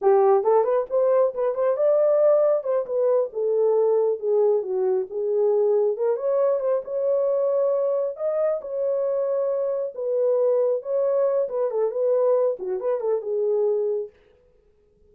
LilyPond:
\new Staff \with { instrumentName = "horn" } { \time 4/4 \tempo 4 = 136 g'4 a'8 b'8 c''4 b'8 c''8 | d''2 c''8 b'4 a'8~ | a'4. gis'4 fis'4 gis'8~ | gis'4. ais'8 cis''4 c''8 cis''8~ |
cis''2~ cis''8 dis''4 cis''8~ | cis''2~ cis''8 b'4.~ | b'8 cis''4. b'8 a'8 b'4~ | b'8 fis'8 b'8 a'8 gis'2 | }